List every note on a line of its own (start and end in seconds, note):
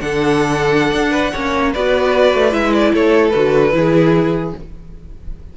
0.00 0.92 D3
0.00 1.31 D4
0.00 1.11 A4
0.00 1.71 F#5
0.92 1.32 D4
1.11 1.31 B4
1.32 1.75 A#3
1.32 1.74 C#4
1.32 1.72 C#5
1.72 2.33 B3
1.72 2.51 F#4
1.72 2.92 B4
1.72 2.53 D5
2.33 2.52 A3
2.51 2.92 G#3
2.51 3.31 E4
2.51 2.73 E5
2.73 2.93 D5
2.93 3.34 A3
2.93 3.74 A4
2.93 3.29 C#5
3.29 3.73 D3
3.29 3.72 F#4
3.29 4.50 B4
3.72 4.53 E3
3.72 4.52 E4
3.72 4.56 G#4